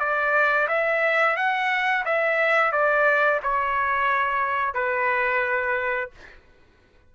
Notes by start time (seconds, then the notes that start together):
0.00 D5
0.68 E5
1.37 F#5
2.05 E5
2.72 D5
3.43 C#5
4.74 B4